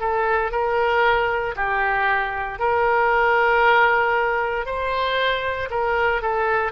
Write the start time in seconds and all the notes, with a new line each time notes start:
0.00 A4
0.51 A#4
1.56 G4
2.59 A#4
4.66 C5
5.70 A#4
6.22 A4